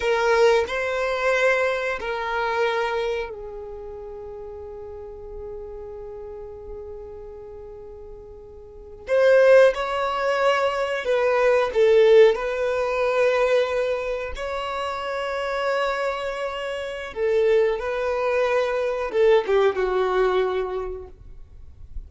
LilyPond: \new Staff \with { instrumentName = "violin" } { \time 4/4 \tempo 4 = 91 ais'4 c''2 ais'4~ | ais'4 gis'2.~ | gis'1~ | gis'4.~ gis'16 c''4 cis''4~ cis''16~ |
cis''8. b'4 a'4 b'4~ b'16~ | b'4.~ b'16 cis''2~ cis''16~ | cis''2 a'4 b'4~ | b'4 a'8 g'8 fis'2 | }